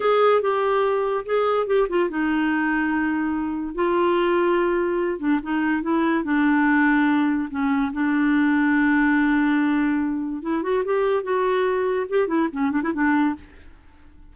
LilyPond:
\new Staff \with { instrumentName = "clarinet" } { \time 4/4 \tempo 4 = 144 gis'4 g'2 gis'4 | g'8 f'8 dis'2.~ | dis'4 f'2.~ | f'8 d'8 dis'4 e'4 d'4~ |
d'2 cis'4 d'4~ | d'1~ | d'4 e'8 fis'8 g'4 fis'4~ | fis'4 g'8 e'8 cis'8 d'16 e'16 d'4 | }